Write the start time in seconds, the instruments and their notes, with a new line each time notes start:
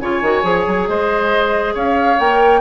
0.00 bassoon C#3, clarinet F4, oboe C#5, flute G#5
0.21 bassoon D#3, clarinet F#4
0.43 bassoon F3, clarinet G#4
0.67 bassoon F#3
0.88 bassoon G#3, oboe C5, flute D#5
1.74 bassoon C#4, oboe C#5, flute F5
2.19 bassoon A#3, clarinet A#4, flute G5